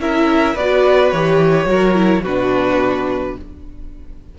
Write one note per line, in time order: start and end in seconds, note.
0.00 0.56 C#4
0.00 0.57 E4
0.00 0.55 A#4
0.00 0.57 E5
0.55 1.13 B3
0.55 1.15 F#4
0.55 1.67 B4
0.55 1.11 D5
1.11 1.66 E3
1.11 1.67 G4
1.11 2.23 C#5
1.66 2.22 F#3
1.66 1.95 F#4
1.66 2.23 A#4
1.95 2.23 E4
2.23 3.36 B2
2.23 3.39 D4
2.23 3.35 F#4
2.23 3.37 B4